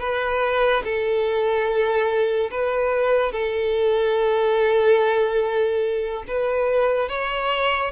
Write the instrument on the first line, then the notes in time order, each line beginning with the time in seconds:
violin
0.00 B4
0.84 A4
2.51 B4
3.33 A4
6.28 B4
7.09 C#5